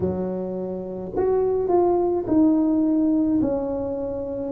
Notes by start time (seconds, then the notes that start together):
0.00 F#3
1.16 F#4
1.68 F4
2.26 D#4
3.41 C#4